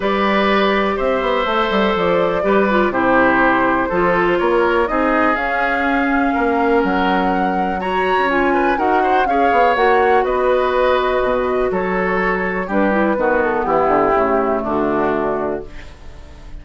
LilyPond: <<
  \new Staff \with { instrumentName = "flute" } { \time 4/4 \tempo 4 = 123 d''2 e''2 | d''2 c''2~ | c''4 cis''4 dis''4 f''4~ | f''2 fis''2 |
ais''4 gis''4 fis''4 f''4 | fis''4 dis''2. | cis''2 b'4. a'8 | g'2 fis'2 | }
  \new Staff \with { instrumentName = "oboe" } { \time 4/4 b'2 c''2~ | c''4 b'4 g'2 | a'4 ais'4 gis'2~ | gis'4 ais'2. |
cis''4. b'8 ais'8 c''8 cis''4~ | cis''4 b'2. | a'2 g'4 fis'4 | e'2 d'2 | }
  \new Staff \with { instrumentName = "clarinet" } { \time 4/4 g'2. a'4~ | a'4 g'8 f'8 e'2 | f'2 dis'4 cis'4~ | cis'1 |
fis'4 f'4 fis'4 gis'4 | fis'1~ | fis'2 d'8 e'8 b4~ | b4 a2. | }
  \new Staff \with { instrumentName = "bassoon" } { \time 4/4 g2 c'8 b8 a8 g8 | f4 g4 c2 | f4 ais4 c'4 cis'4~ | cis'4 ais4 fis2~ |
fis8. cis'4~ cis'16 dis'4 cis'8 b8 | ais4 b2 b,4 | fis2 g4 dis4 | e8 d8 cis4 d2 | }
>>